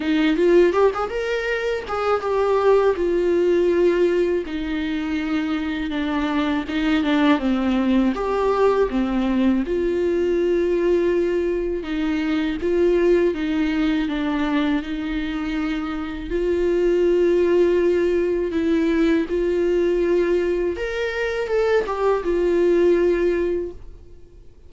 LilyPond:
\new Staff \with { instrumentName = "viola" } { \time 4/4 \tempo 4 = 81 dis'8 f'8 g'16 gis'16 ais'4 gis'8 g'4 | f'2 dis'2 | d'4 dis'8 d'8 c'4 g'4 | c'4 f'2. |
dis'4 f'4 dis'4 d'4 | dis'2 f'2~ | f'4 e'4 f'2 | ais'4 a'8 g'8 f'2 | }